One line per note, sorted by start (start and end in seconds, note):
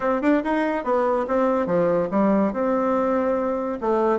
0.00 0.21 C4
0.21 0.42 D4
0.44 0.84 D#4
0.84 1.25 B3
1.27 1.66 C4
1.66 2.08 F3
2.11 2.52 G3
2.52 3.78 C4
3.80 4.19 A3